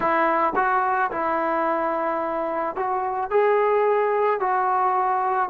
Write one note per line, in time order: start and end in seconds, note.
0.00 0.53 E4
0.55 1.10 F#4
1.11 2.75 E4
2.75 3.30 F#4
3.30 4.39 G#4
4.39 5.49 F#4